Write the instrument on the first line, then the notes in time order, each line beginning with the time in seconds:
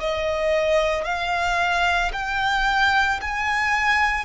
violin
0.00 D#5
1.05 F5
2.13 G5
3.21 G#5